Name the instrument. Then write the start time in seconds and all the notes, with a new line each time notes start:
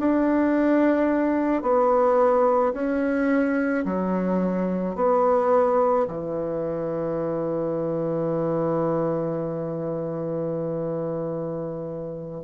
bassoon
0.00 D4
1.63 B3
2.74 C#4
3.85 F#3
4.96 B3
6.08 E3